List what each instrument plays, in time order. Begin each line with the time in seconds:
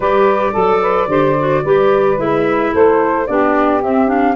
0.00 tuba G3, clarinet G4, saxophone B4, flute D5
0.52 tuba F#3, saxophone A4, clarinet A4
0.81 saxophone B4
1.07 tuba D3, clarinet G4, saxophone C5
1.39 clarinet F#4
1.63 tuba G3, clarinet G4, saxophone B4
2.17 tuba G#3, clarinet E4, flute E5
2.72 tuba A3, saxophone A4, flute C5
3.27 tuba B3, clarinet D4, saxophone G4, flute D5
3.81 clarinet C4, tuba C4, flute E5
4.06 clarinet D4, flute F5